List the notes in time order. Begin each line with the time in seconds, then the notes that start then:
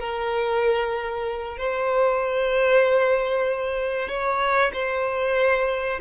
0.00 A#4
1.58 C5
4.09 C#5
4.74 C5